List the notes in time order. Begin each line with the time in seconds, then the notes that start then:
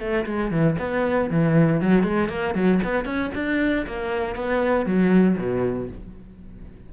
0.00 A3
0.26 G#3
0.51 E3
0.79 B3
1.30 E3
1.81 F#3
2.03 G#3
2.29 A#3
2.55 F#3
2.84 B3
3.05 C#4
3.35 D4
3.86 A#3
4.35 B3
4.86 F#3
5.37 B2